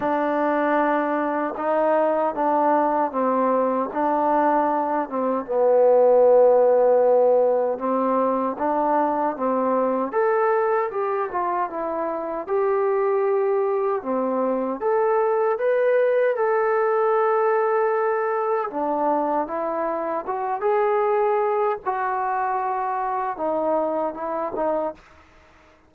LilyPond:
\new Staff \with { instrumentName = "trombone" } { \time 4/4 \tempo 4 = 77 d'2 dis'4 d'4 | c'4 d'4. c'8 b4~ | b2 c'4 d'4 | c'4 a'4 g'8 f'8 e'4 |
g'2 c'4 a'4 | b'4 a'2. | d'4 e'4 fis'8 gis'4. | fis'2 dis'4 e'8 dis'8 | }